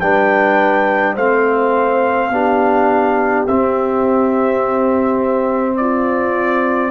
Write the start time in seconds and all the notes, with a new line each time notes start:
0.00 G3 D4 B4 G5
1.15 A3 C4 C5 F5
2.30 B3 D4 G4
3.47 C4 E5
5.77 F4 D5